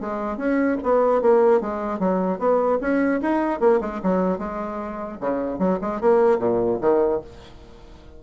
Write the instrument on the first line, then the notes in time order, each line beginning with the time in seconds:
bassoon
0.00 G#3
0.37 C#4
0.83 B3
1.21 A#3
1.60 G#3
1.99 F#3
2.39 B3
2.81 C#4
3.21 D#4
3.60 A#3
3.80 G#3
4.02 F#3
4.38 G#3
5.20 C#3
5.59 F#3
5.81 G#3
6.00 A#3
6.39 A#2
6.81 D#3